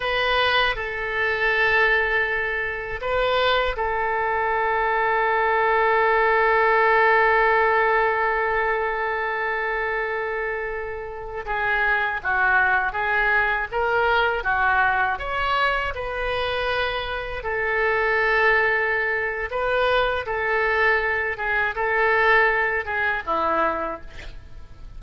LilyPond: \new Staff \with { instrumentName = "oboe" } { \time 4/4 \tempo 4 = 80 b'4 a'2. | b'4 a'2.~ | a'1~ | a'2.~ a'16 gis'8.~ |
gis'16 fis'4 gis'4 ais'4 fis'8.~ | fis'16 cis''4 b'2 a'8.~ | a'2 b'4 a'4~ | a'8 gis'8 a'4. gis'8 e'4 | }